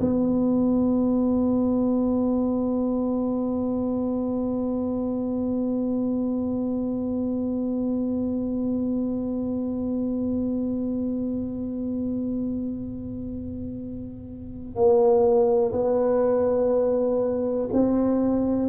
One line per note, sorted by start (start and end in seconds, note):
0.00 14.75 B3
14.75 15.72 A#3
15.72 17.68 B3
17.72 18.69 C4